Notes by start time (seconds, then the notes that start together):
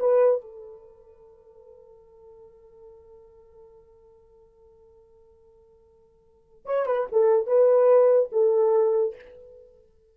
0.00 B4
0.42 A4
6.66 C#5
6.86 B4
7.12 A4
7.47 B4
8.32 A4